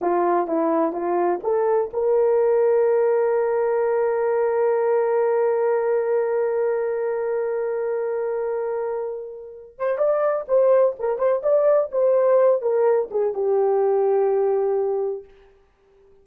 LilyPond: \new Staff \with { instrumentName = "horn" } { \time 4/4 \tempo 4 = 126 f'4 e'4 f'4 a'4 | ais'1~ | ais'1~ | ais'1~ |
ais'1~ | ais'8 c''8 d''4 c''4 ais'8 c''8 | d''4 c''4. ais'4 gis'8 | g'1 | }